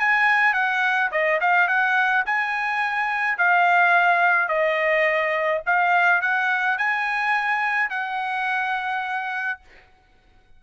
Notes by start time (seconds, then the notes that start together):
0.00 G#5
0.54 F#5
1.12 D#5
1.41 F5
1.68 F#5
2.26 G#5
3.38 F5
4.49 D#5
5.67 F5
6.22 F#5
6.78 G#5
7.90 F#5